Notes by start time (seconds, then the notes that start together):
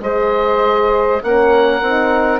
0.00 G#3 G#4 C5 D#5
1.22 A#3 C#4 A#4 F#5
1.81 C4 D#4